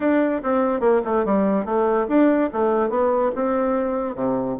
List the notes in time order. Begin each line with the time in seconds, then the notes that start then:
0.00 D4
0.43 C4
0.80 A#3
1.04 A3
1.25 G3
1.65 A3
2.08 D4
2.52 A3
2.89 B3
3.35 C4
4.15 C3